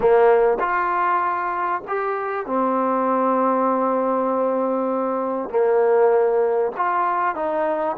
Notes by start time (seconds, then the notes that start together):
0.00 A#3
0.59 F4
1.87 G4
2.46 C4
5.49 A#3
6.76 F4
7.35 D#4